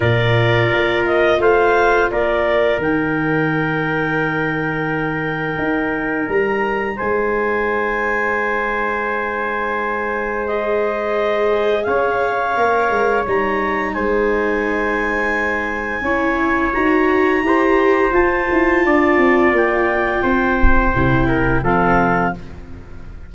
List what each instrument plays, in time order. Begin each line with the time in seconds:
0.00 tuba A#2, viola F4, trumpet A#4, clarinet D5
0.72 tuba A#3
1.06 clarinet D#5
1.39 tuba A3, trumpet C5, clarinet F5
2.10 tuba A#3, trumpet A#4, clarinet D5
2.78 tuba D#3, viola D#4, clarinet G5
5.58 tuba D#4
6.28 tuba G3, clarinet A#5
6.96 tuba G#3, trumpet C5, clarinet G#5
10.47 viola G#4, clarinet D#5
11.83 tuba C#4, trumpet C#5, clarinet F5
12.55 tuba A#3, viola A#4
12.89 tuba G#3
13.26 tuba G3, viola D#4, clarinet A#5
13.93 tuba G#3, trumpet C5, clarinet G#5
16.01 tuba C#4, viola E4, trumpet C#5
16.73 tuba D#4, viola F#4, clarinet A#5
17.42 tuba E4, viola G4, trumpet C5
18.11 viola F4, tuba F4, clarinet A5
18.51 tuba E4
18.85 tuba D4, trumpet D5
19.17 tuba C4
19.52 tuba A#3, clarinet G5
20.22 tuba C4, trumpet C5
20.95 tuba C3, viola E4
21.28 trumpet A#4
21.62 tuba F3, viola C4, trumpet A4, clarinet F5